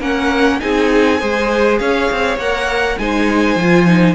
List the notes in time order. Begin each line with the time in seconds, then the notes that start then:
0.00 A#3 C#4 A#4 F#5
0.60 C4 D#4 G#4 G#5
1.20 G#3 G#4 C5
1.78 C#4 C#5 F5
2.12 C4
2.37 A#3 A#4 F#5
2.99 G#3 D#4 C5 G#5
3.56 F3 F4
3.86 D#4